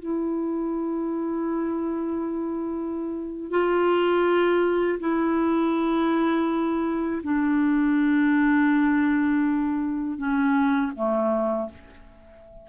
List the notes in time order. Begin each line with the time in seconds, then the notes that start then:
0.00 E4
3.51 F4
5.00 E4
7.23 D4
10.18 C#4
10.96 A3